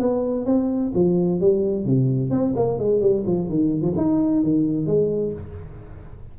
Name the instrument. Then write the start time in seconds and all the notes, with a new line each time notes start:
tuba
0.00 B3
0.46 C4
0.95 F3
1.41 G3
1.86 C3
2.31 C4
2.57 A#3
2.79 G#3
3.01 G3
3.27 F3
3.50 D#3
3.82 F3
3.97 D#4
4.44 D#3
4.87 G#3